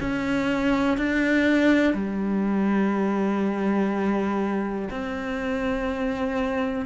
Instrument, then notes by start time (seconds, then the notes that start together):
cello
0.00 C#4
0.97 D4
1.94 G3
4.90 C4